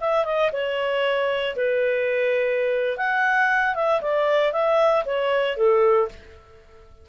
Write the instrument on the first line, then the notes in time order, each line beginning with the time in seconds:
clarinet
0.00 E5
0.24 D#5
0.52 C#5
1.56 B4
2.97 F#5
3.75 E5
4.01 D5
4.52 E5
5.05 C#5
5.57 A4